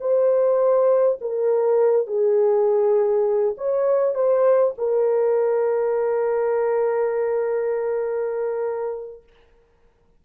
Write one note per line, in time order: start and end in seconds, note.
0.00 1.19 C5
1.21 2.07 A#4
2.07 3.55 G#4
3.57 4.14 C#5
4.14 4.74 C5
4.77 9.23 A#4